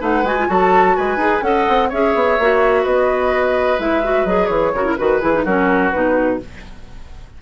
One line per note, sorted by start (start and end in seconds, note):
0.00 0.23 A3
0.00 0.24 D#4
0.00 0.47 B4
0.00 0.26 F#5
0.23 0.47 G#3
0.23 0.38 F#4
0.23 0.50 G#5
0.39 0.48 F4
0.48 0.97 F#3
0.48 1.19 F#4
0.48 0.97 A4
0.48 0.96 A5
0.96 1.17 G#3
0.96 1.44 B4
0.96 1.43 G#5
1.17 1.40 D#4
1.17 1.43 G#4
1.42 1.66 C#4
1.42 1.90 A4
1.42 1.89 D#5
1.42 1.90 F#5
1.69 1.92 C4
1.89 2.15 C#4
1.89 2.40 G#4
1.89 2.83 C#5
1.89 2.85 E5
2.15 2.38 B3
2.39 2.85 A#3
2.39 3.79 F#4
2.83 3.79 B3
2.83 4.72 B4
2.83 3.80 D#5
3.79 4.25 G#3
3.79 4.03 E4
3.79 4.26 E5
4.04 4.27 F#4
4.25 4.49 F#3
4.25 4.74 G#4
4.25 4.47 D#5
4.47 4.73 E3
4.47 4.94 C#5
4.74 4.97 C#3
4.74 4.85 F#4
4.74 4.98 A#4
4.85 4.97 E4
4.97 5.23 D#3
4.97 5.21 F#4
4.97 5.20 B4
4.97 5.44 B4
5.20 5.45 E3
5.20 5.33 E4
5.20 5.44 G#4
5.34 5.45 D#4
5.44 5.92 F#3
5.44 5.93 C#4
5.44 6.39 F#4
5.44 5.91 A#4
5.91 6.42 B2
5.91 6.40 D#4
5.91 6.38 B4